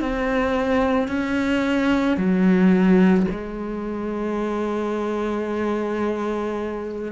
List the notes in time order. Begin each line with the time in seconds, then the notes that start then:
0.00 C4
1.08 C#4
2.17 F#3
3.31 G#3